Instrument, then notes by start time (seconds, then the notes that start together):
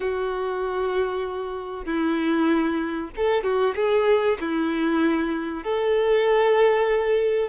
violin
0.00 F#4
1.85 E4
3.16 A4
3.43 F#4
3.75 G#4
4.40 E4
5.63 A4